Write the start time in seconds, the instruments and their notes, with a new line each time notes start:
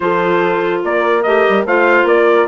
0.00 bassoon F3, clarinet F4, horn A4, trumpet C5
0.83 bassoon A#3, horn A#4, trumpet D5
1.23 bassoon A3, clarinet G4, trumpet D#5
1.48 bassoon G3
1.65 bassoon A3, clarinet F4, horn C5, trumpet F5
2.03 bassoon A#3, horn A#4, trumpet D5